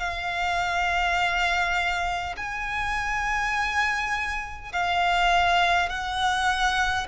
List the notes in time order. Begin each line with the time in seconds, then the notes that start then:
0.00 F5
2.37 G#5
4.72 F5
5.89 F#5